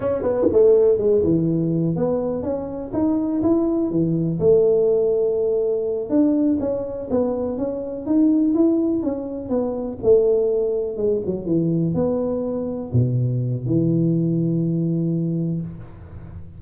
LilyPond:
\new Staff \with { instrumentName = "tuba" } { \time 4/4 \tempo 4 = 123 cis'8 b8 a4 gis8 e4. | b4 cis'4 dis'4 e'4 | e4 a2.~ | a8 d'4 cis'4 b4 cis'8~ |
cis'8 dis'4 e'4 cis'4 b8~ | b8 a2 gis8 fis8 e8~ | e8 b2 b,4. | e1 | }